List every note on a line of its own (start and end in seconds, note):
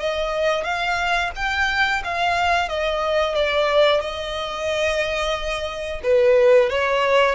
0.00 0.64 D#5
0.64 1.31 F5
1.36 2.02 G5
2.04 2.69 F5
2.69 3.35 D#5
3.35 4.01 D5
4.01 6.01 D#5
6.03 6.70 B4
6.70 7.35 C#5